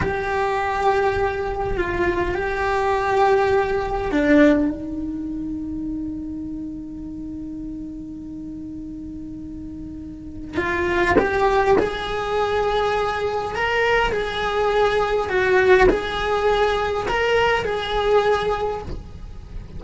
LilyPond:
\new Staff \with { instrumentName = "cello" } { \time 4/4 \tempo 4 = 102 g'2. f'4 | g'2. d'4 | dis'1~ | dis'1~ |
dis'2 f'4 g'4 | gis'2. ais'4 | gis'2 fis'4 gis'4~ | gis'4 ais'4 gis'2 | }